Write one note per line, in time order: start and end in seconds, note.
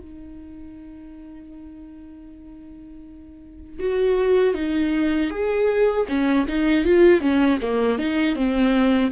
0.00 3.80 D#4
3.80 4.55 F#4
4.55 5.30 D#4
5.30 6.06 G#4
6.09 6.47 C#4
6.48 6.85 D#4
6.85 7.21 F4
7.21 7.59 C#4
7.62 7.99 A#3
7.99 8.35 D#4
8.35 9.11 C4